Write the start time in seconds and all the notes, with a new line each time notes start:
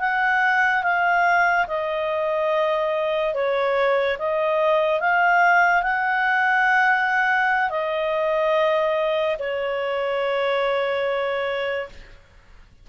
0.00 F#5
0.83 F5
1.67 D#5
3.34 C#5
4.19 D#5
5.01 F5
5.83 F#5
7.70 D#5
9.39 C#5